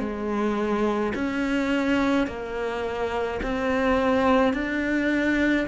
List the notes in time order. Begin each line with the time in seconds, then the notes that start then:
0.00 G#3
1.15 C#4
2.27 A#3
3.43 C4
4.53 D4